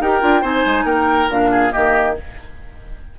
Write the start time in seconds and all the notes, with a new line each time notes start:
0.00 D#4 G4 A#4 G5
0.21 D4 F4
0.42 C4 D#4 C5 G#5
0.66 G#3
0.85 A#3 A#4 G5
1.30 A#2 D4 F5
1.52 G#4
1.72 D#3 A#3 G4 D#5